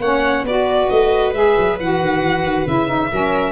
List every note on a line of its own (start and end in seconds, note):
0.00 0.43 A#3
0.00 0.47 C#4
0.00 0.46 C#5
0.00 0.45 F#5
0.43 0.87 B3
0.43 1.34 F#4
0.43 3.12 B4
0.43 0.90 D5
0.90 1.34 A3
0.90 1.34 D#5
1.34 1.56 G#3
1.34 1.78 G#4
1.34 1.78 E5
1.58 1.80 F#3
1.80 2.01 E3
1.80 2.67 F#4
1.80 2.68 F#5
2.01 2.21 D#3
2.21 2.43 E3
2.43 2.65 D#3
2.67 3.11 C#3
2.67 2.87 E4
2.67 3.53 E5
2.87 3.09 D#4
3.12 3.53 F#3
3.12 3.53 C#4
3.12 3.53 A#4